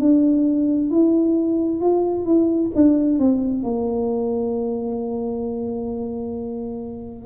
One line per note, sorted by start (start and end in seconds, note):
0.00 0.91 D4
0.91 1.81 E4
1.81 2.26 F4
2.26 2.71 E4
2.75 3.19 D4
3.19 3.63 C4
3.63 7.26 A#3